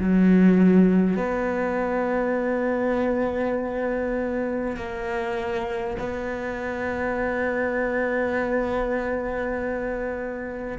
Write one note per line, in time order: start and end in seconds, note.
0.00 1.17 F#3
1.17 4.77 B3
4.77 5.97 A#3
5.99 10.79 B3